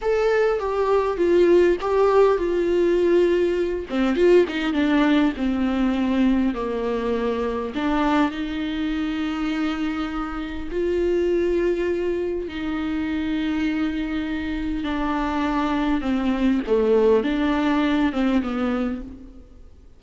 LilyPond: \new Staff \with { instrumentName = "viola" } { \time 4/4 \tempo 4 = 101 a'4 g'4 f'4 g'4 | f'2~ f'8 c'8 f'8 dis'8 | d'4 c'2 ais4~ | ais4 d'4 dis'2~ |
dis'2 f'2~ | f'4 dis'2.~ | dis'4 d'2 c'4 | a4 d'4. c'8 b4 | }